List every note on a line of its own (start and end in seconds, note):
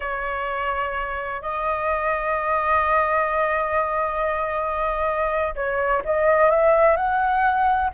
0.00 1.41 C#5
1.41 5.54 D#5
5.55 6.02 C#5
6.05 6.50 D#5
6.50 6.96 E5
6.96 7.90 F#5